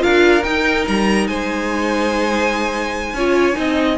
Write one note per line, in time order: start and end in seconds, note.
0.00 0.46 D4
0.00 0.42 F4
0.00 1.28 A#4
0.00 0.44 F5
0.44 3.15 D#4
0.44 0.87 D#4
0.44 0.85 G5
0.88 1.29 G3
0.88 1.28 A#5
1.28 3.14 G#3
1.28 3.16 C5
1.28 3.98 G#5
3.14 3.56 C#4
3.14 3.54 F4
3.14 3.58 C#5
3.54 3.98 C4
3.54 3.96 D#4
3.54 3.98 D#5